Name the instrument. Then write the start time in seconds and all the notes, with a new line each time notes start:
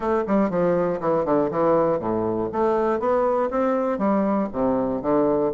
bassoon
0.00 A3
0.27 G3
0.50 F3
1.00 E3
1.25 D3
1.50 E3
1.99 A2
2.52 A3
2.99 B3
3.50 C4
3.98 G3
4.52 C3
5.02 D3